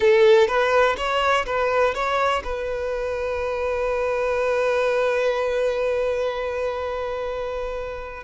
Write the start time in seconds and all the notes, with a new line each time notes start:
0.00 A4
0.47 B4
0.97 C#5
1.46 B4
1.94 C#5
2.43 B4